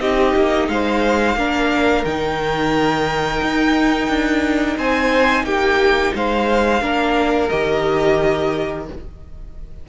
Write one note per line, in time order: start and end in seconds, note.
0.00 0.34 C4
0.00 1.37 D#4
0.00 0.69 G4
0.00 0.69 D#5
0.36 0.68 A#3
0.68 1.36 G#3
0.68 1.38 C5
0.68 2.05 F5
1.36 2.04 A#3
1.36 2.06 D4
1.36 4.77 A#4
2.05 3.42 D#3
2.05 6.82 D#4
2.05 4.78 G5
3.43 4.09 D#4
4.09 4.77 D4
4.77 5.44 C4
4.77 5.45 C5
4.77 5.45 G#5
5.44 6.12 A#3
5.44 6.14 G4
5.44 6.14 G5
6.15 6.82 G#3
6.15 6.83 C5
6.15 7.49 F5
6.82 7.50 A#3
6.82 7.50 D4
6.82 8.87 A#4
7.49 8.89 D#3
7.49 8.88 G4
7.49 8.86 D#5